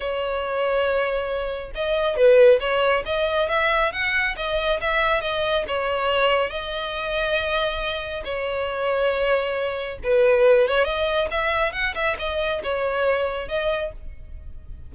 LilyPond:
\new Staff \with { instrumentName = "violin" } { \time 4/4 \tempo 4 = 138 cis''1 | dis''4 b'4 cis''4 dis''4 | e''4 fis''4 dis''4 e''4 | dis''4 cis''2 dis''4~ |
dis''2. cis''4~ | cis''2. b'4~ | b'8 cis''8 dis''4 e''4 fis''8 e''8 | dis''4 cis''2 dis''4 | }